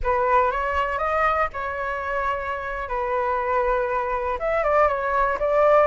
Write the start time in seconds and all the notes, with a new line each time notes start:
0.03 B4
0.51 C#5
0.98 D#5
1.53 C#5
2.88 B4
4.39 E5
4.63 D5
4.88 C#5
5.39 D5